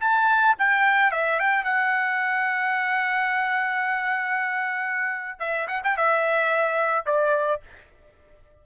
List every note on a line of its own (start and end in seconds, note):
0.00 0.56 A5
0.59 1.11 G5
1.11 1.39 E5
1.39 1.64 G5
1.64 5.39 F#5
5.39 5.67 E5
5.68 5.82 F#5
5.84 5.97 G5
5.97 7.06 E5
7.06 7.61 D5